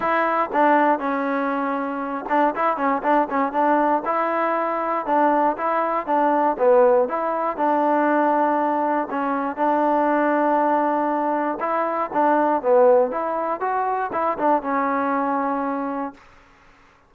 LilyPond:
\new Staff \with { instrumentName = "trombone" } { \time 4/4 \tempo 4 = 119 e'4 d'4 cis'2~ | cis'8 d'8 e'8 cis'8 d'8 cis'8 d'4 | e'2 d'4 e'4 | d'4 b4 e'4 d'4~ |
d'2 cis'4 d'4~ | d'2. e'4 | d'4 b4 e'4 fis'4 | e'8 d'8 cis'2. | }